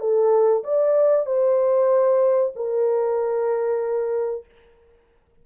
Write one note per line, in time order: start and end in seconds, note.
0.00 0.63 A4
0.63 1.26 D5
1.26 2.52 C5
2.56 4.45 A#4